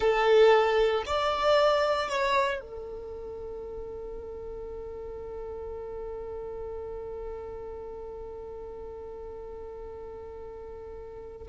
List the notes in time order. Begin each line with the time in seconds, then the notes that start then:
0.00 A4
1.06 D5
2.08 C#5
2.60 A4